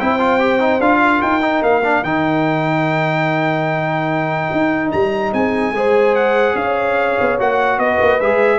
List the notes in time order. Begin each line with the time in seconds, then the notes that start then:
0.00 C4 E4 C5 G5
0.19 F4
0.40 G4
0.60 D#4
0.80 D4 F4 F5
1.02 A#4
1.22 D#4 G5
1.41 D#4
1.62 A#3 F5
1.84 D4
2.03 D#3 D#4 G5
4.52 D#4
4.92 G3 A#5
5.33 C4 G#4 G#5
5.72 G#3 G#4 C5
6.16 F#5
6.55 C#4 C#5 F5
7.21 B3
7.39 A#3 F#4 F#5
7.79 B3 B4 D#5
8.01 A#3
8.20 G#3 G#4 E5